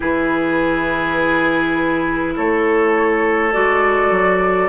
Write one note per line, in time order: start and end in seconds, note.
0.00 2.37 E3
0.00 3.51 E4
0.00 2.34 G#4
0.00 2.36 B4
2.35 3.55 A3
2.35 4.69 A4
2.35 3.53 C#5
3.52 4.11 G#3
3.52 4.69 F#4
3.52 4.69 D5
4.11 4.69 F#3